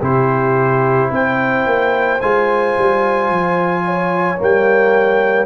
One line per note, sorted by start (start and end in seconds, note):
0.00 1.11 C3
0.00 2.20 E4
0.00 1.09 G4
0.00 1.12 C5
1.11 1.66 C4
1.11 3.84 C5
1.11 2.21 G5
1.66 2.21 A#3
2.21 2.77 G#3
2.21 4.38 F4
2.21 4.39 G#5
2.78 3.30 G3
3.30 4.39 F3
3.85 5.46 C#5
4.38 5.46 G3
4.38 5.46 A#3
4.38 5.46 G5